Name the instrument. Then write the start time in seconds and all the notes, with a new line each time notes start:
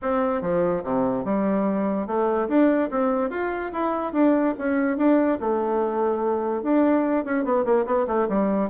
bassoon
0.02 C4
0.41 F3
0.83 C3
1.25 G3
2.06 A3
2.48 D4
2.90 C4
3.30 F4
3.72 E4
4.13 D4
4.58 C#4
4.97 D4
5.40 A3
6.63 D4
7.25 C#4
7.44 B3
7.65 A#3
7.85 B3
8.07 A3
8.28 G3